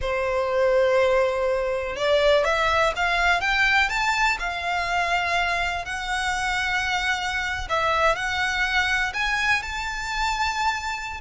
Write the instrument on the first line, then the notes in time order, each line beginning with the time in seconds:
violin
0.01 C5
1.95 D5
2.44 E5
2.96 F5
3.40 G5
3.89 A5
4.39 F5
5.85 F#5
7.69 E5
8.15 F#5
9.13 G#5
9.62 A5